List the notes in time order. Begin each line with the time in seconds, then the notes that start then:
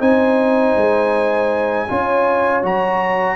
0.00 C4 D#4 C5 G#5
0.76 G#3
1.89 C#4 F4 C#5
2.62 F#3 F#4 A#5